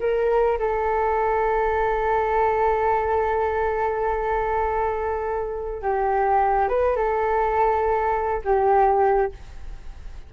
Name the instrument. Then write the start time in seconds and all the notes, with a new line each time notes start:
flute
0.00 A#4
0.59 A4
5.82 G4
6.69 B4
6.96 A4
8.45 G4